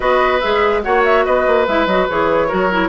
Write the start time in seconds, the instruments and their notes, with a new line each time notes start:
0.00 bassoon B3, clarinet F#4, oboe B4, flute D#5
0.40 bassoon G#3, clarinet G#4, flute E5
0.82 bassoon A#3, clarinet F#4, oboe C#5, flute F#5
1.04 flute E5
1.25 bassoon B3, oboe B4, flute D#5
1.46 bassoon A#3
1.67 bassoon G#3, clarinet E4, flute E5
1.86 bassoon F#3, clarinet F#4, flute D#5
2.08 bassoon E3, clarinet G#4, flute C#5
2.48 bassoon F#3, clarinet F#4, oboe A#4
2.71 clarinet E4